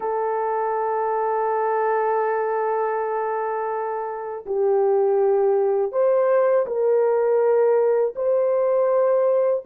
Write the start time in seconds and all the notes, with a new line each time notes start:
0.00 A4
4.46 G4
5.92 C5
6.66 A#4
8.15 C5